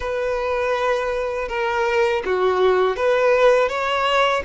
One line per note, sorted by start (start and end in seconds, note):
0.00 1.48 B4
1.48 2.22 A#4
2.25 2.96 F#4
2.96 3.68 B4
3.68 4.42 C#5